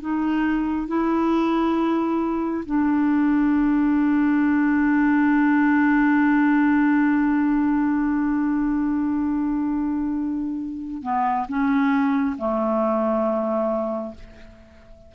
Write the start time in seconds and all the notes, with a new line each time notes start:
0.00 D#4
0.87 E4
2.66 D4
11.03 B3
11.48 C#4
12.38 A3